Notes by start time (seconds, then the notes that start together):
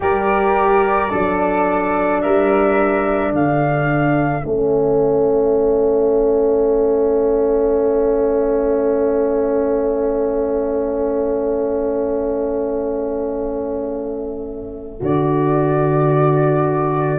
0.00 G3 G4 A#4 D5
1.09 F#3 D4 A4
2.21 G3 A#4 E5
3.31 D3 A4 F5
4.44 A3 C#4 E5
15.00 D3 F#4 D5